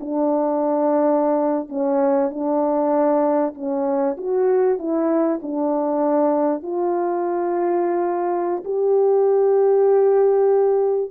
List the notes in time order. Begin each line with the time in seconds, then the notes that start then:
0.00 D4
1.68 C#4
2.30 D4
3.54 C#4
4.17 F#4
4.78 E4
5.42 D4
6.62 F4
8.64 G4